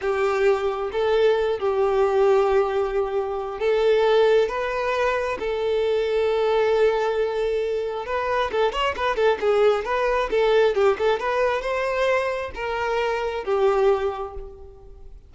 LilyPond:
\new Staff \with { instrumentName = "violin" } { \time 4/4 \tempo 4 = 134 g'2 a'4. g'8~ | g'1 | a'2 b'2 | a'1~ |
a'2 b'4 a'8 cis''8 | b'8 a'8 gis'4 b'4 a'4 | g'8 a'8 b'4 c''2 | ais'2 g'2 | }